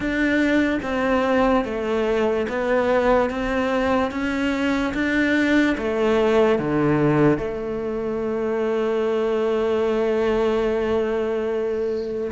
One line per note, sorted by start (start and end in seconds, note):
0.00 0.79 D4
0.82 1.64 C4
1.64 2.47 A3
2.48 3.30 B3
3.30 4.11 C4
4.11 4.93 C#4
4.94 5.76 D4
5.77 6.58 A3
6.58 7.37 D3
7.37 12.31 A3